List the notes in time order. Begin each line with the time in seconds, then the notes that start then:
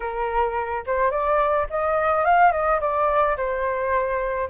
0.00 A#4
0.86 C5
1.11 D5
1.69 D#5
2.24 F5
2.52 D#5
2.80 D5
3.36 C5